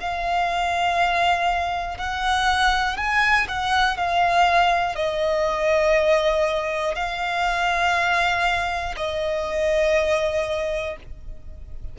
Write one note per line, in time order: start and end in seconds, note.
0.00 1.98 F5
1.98 2.97 F#5
2.97 3.47 G#5
3.48 3.97 F#5
3.97 4.95 F5
4.95 6.95 D#5
6.95 8.95 F5
8.96 10.96 D#5